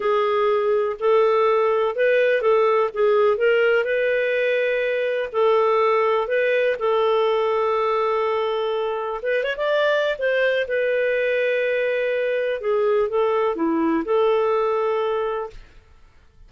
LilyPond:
\new Staff \with { instrumentName = "clarinet" } { \time 4/4 \tempo 4 = 124 gis'2 a'2 | b'4 a'4 gis'4 ais'4 | b'2. a'4~ | a'4 b'4 a'2~ |
a'2. b'8 cis''16 d''16~ | d''4 c''4 b'2~ | b'2 gis'4 a'4 | e'4 a'2. | }